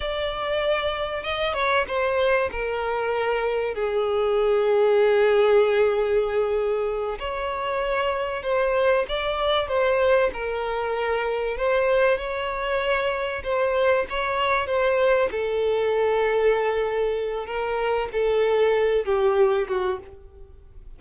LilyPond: \new Staff \with { instrumentName = "violin" } { \time 4/4 \tempo 4 = 96 d''2 dis''8 cis''8 c''4 | ais'2 gis'2~ | gis'2.~ gis'8 cis''8~ | cis''4. c''4 d''4 c''8~ |
c''8 ais'2 c''4 cis''8~ | cis''4. c''4 cis''4 c''8~ | c''8 a'2.~ a'8 | ais'4 a'4. g'4 fis'8 | }